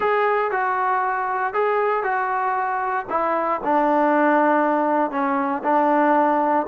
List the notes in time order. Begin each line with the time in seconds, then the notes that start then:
0.00 G#4
0.51 F#4
1.53 G#4
2.03 F#4
3.09 E4
3.64 D4
5.10 C#4
5.63 D4